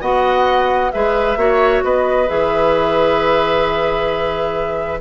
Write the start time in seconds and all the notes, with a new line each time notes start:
0.00 B3 F#4 D#5 F#5
0.91 G#3 G#4 B4 E5
1.36 A#3 F#4 C#5
1.83 B3 B4 D#5
2.27 E3 G#4 E5